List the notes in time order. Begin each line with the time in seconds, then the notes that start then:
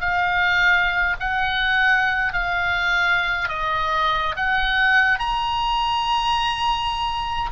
0.00 F5
1.20 F#5
2.33 F5
3.48 D#5
4.36 F#5
5.19 A#5